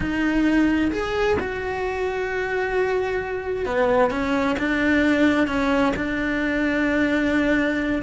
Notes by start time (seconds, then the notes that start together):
0.00 D#4
0.91 G#4
1.39 F#4
3.65 B3
4.10 C#4
4.58 D4
5.47 C#4
5.96 D4